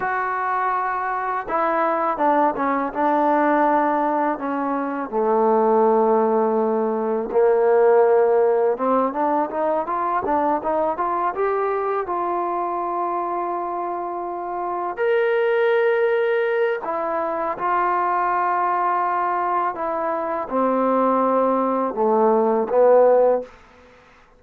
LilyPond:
\new Staff \with { instrumentName = "trombone" } { \time 4/4 \tempo 4 = 82 fis'2 e'4 d'8 cis'8 | d'2 cis'4 a4~ | a2 ais2 | c'8 d'8 dis'8 f'8 d'8 dis'8 f'8 g'8~ |
g'8 f'2.~ f'8~ | f'8 ais'2~ ais'8 e'4 | f'2. e'4 | c'2 a4 b4 | }